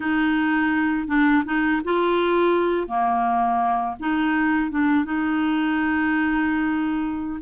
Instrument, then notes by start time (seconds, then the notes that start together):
clarinet
0.00 D#4
1.07 D4
1.45 D#4
1.84 F4
2.87 A#3
3.99 D#4
4.71 D4
5.04 D#4